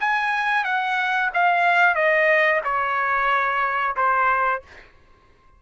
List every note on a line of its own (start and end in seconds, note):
0.00 0.64 G#5
0.64 1.30 F#5
1.34 1.95 F5
1.95 2.61 D#5
2.64 3.96 C#5
3.96 4.62 C5